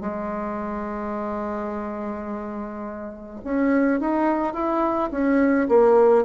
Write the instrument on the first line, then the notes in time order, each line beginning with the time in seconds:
bassoon
0.00 G#3
3.44 C#4
4.00 D#4
4.53 E4
5.10 C#4
5.68 A#3